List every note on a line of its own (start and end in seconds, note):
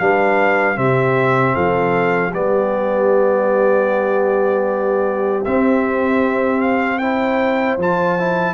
0.00 0.78 G3
0.00 0.76 D4
0.00 0.76 B4
0.00 0.78 F5
0.76 1.56 C3
0.76 2.31 C4
0.76 1.54 G4
0.76 1.56 E5
1.54 2.34 F3
1.54 2.31 A4
1.54 2.33 F5
2.31 5.46 G3
2.31 5.46 B3
2.31 6.98 G4
2.31 5.45 D5
5.45 7.78 C4
5.45 7.02 C4
5.45 6.61 E5
6.61 6.99 F5
6.99 7.80 E4
6.99 8.55 C5
6.99 7.77 G5
7.78 8.55 F3
7.78 8.19 F4
7.78 8.55 A5
8.19 8.55 E4